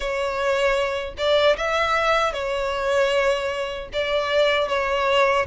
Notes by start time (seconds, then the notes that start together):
0.00 C#5
1.17 D5
1.56 E5
2.33 C#5
3.92 D5
4.68 C#5